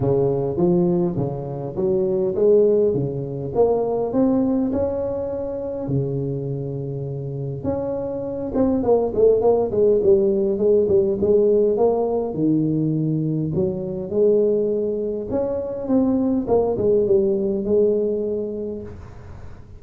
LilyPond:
\new Staff \with { instrumentName = "tuba" } { \time 4/4 \tempo 4 = 102 cis4 f4 cis4 fis4 | gis4 cis4 ais4 c'4 | cis'2 cis2~ | cis4 cis'4. c'8 ais8 a8 |
ais8 gis8 g4 gis8 g8 gis4 | ais4 dis2 fis4 | gis2 cis'4 c'4 | ais8 gis8 g4 gis2 | }